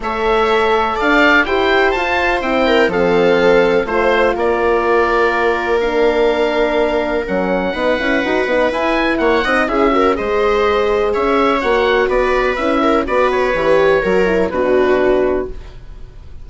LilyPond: <<
  \new Staff \with { instrumentName = "oboe" } { \time 4/4 \tempo 4 = 124 e''2 f''4 g''4 | a''4 g''4 f''2 | c''4 d''2. | f''2. fis''4~ |
fis''2 gis''4 fis''4 | e''4 dis''2 e''4 | fis''4 d''4 e''4 d''8 cis''8~ | cis''2 b'2 | }
  \new Staff \with { instrumentName = "viola" } { \time 4/4 cis''2 d''4 c''4~ | c''4. ais'8 a'2 | c''4 ais'2.~ | ais'1 |
b'2. cis''8 dis''8 | gis'8 ais'8 c''2 cis''4~ | cis''4 b'4. ais'8 b'4~ | b'4 ais'4 fis'2 | }
  \new Staff \with { instrumentName = "horn" } { \time 4/4 a'2. g'4 | f'4 e'4 c'2 | f'1 | d'2. cis'4 |
dis'8 e'8 fis'8 dis'8 e'4. dis'8 | e'8 fis'8 gis'2. | fis'2 e'4 fis'4 | g'4 fis'8 e'8 d'2 | }
  \new Staff \with { instrumentName = "bassoon" } { \time 4/4 a2 d'4 e'4 | f'4 c'4 f2 | a4 ais2.~ | ais2. fis4 |
b8 cis'8 dis'8 b8 e'4 ais8 c'8 | cis'4 gis2 cis'4 | ais4 b4 cis'4 b4 | e4 fis4 b,2 | }
>>